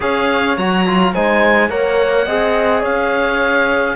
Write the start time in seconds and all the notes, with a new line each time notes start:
0.00 C#4 G#4 C#5 F5
0.57 F#3 F#4 A#5
0.86 F4
1.12 G#3 D#4 C5 G#5
1.69 A#3 A#4 C#5 F#5
2.25 C4 G#4 D#5
2.80 C#4 C#5 F5